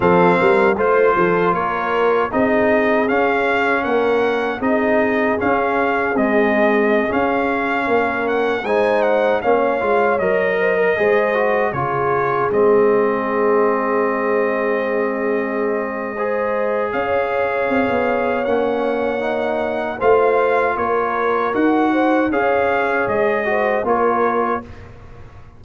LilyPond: <<
  \new Staff \with { instrumentName = "trumpet" } { \time 4/4 \tempo 4 = 78 f''4 c''4 cis''4 dis''4 | f''4 fis''4 dis''4 f''4 | dis''4~ dis''16 f''4. fis''8 gis''8 fis''16~ | fis''16 f''4 dis''2 cis''8.~ |
cis''16 dis''2.~ dis''8.~ | dis''2 f''2 | fis''2 f''4 cis''4 | fis''4 f''4 dis''4 cis''4 | }
  \new Staff \with { instrumentName = "horn" } { \time 4/4 a'8 ais'8 c''8 a'8 ais'4 gis'4~ | gis'4 ais'4 gis'2~ | gis'2~ gis'16 ais'4 c''8.~ | c''16 cis''4. c''16 ais'16 c''4 gis'8.~ |
gis'1~ | gis'4 c''4 cis''2~ | cis''2 c''4 ais'4~ | ais'8 c''8 cis''4. c''8 ais'4 | }
  \new Staff \with { instrumentName = "trombone" } { \time 4/4 c'4 f'2 dis'4 | cis'2 dis'4 cis'4 | gis4~ gis16 cis'2 dis'8.~ | dis'16 cis'8 f'8 ais'4 gis'8 fis'8 f'8.~ |
f'16 c'2.~ c'8.~ | c'4 gis'2. | cis'4 dis'4 f'2 | fis'4 gis'4. fis'8 f'4 | }
  \new Staff \with { instrumentName = "tuba" } { \time 4/4 f8 g8 a8 f8 ais4 c'4 | cis'4 ais4 c'4 cis'4 | c'4~ c'16 cis'4 ais4 gis8.~ | gis16 ais8 gis8 fis4 gis4 cis8.~ |
cis16 gis2.~ gis8.~ | gis2 cis'4 c'16 b8. | ais2 a4 ais4 | dis'4 cis'4 gis4 ais4 | }
>>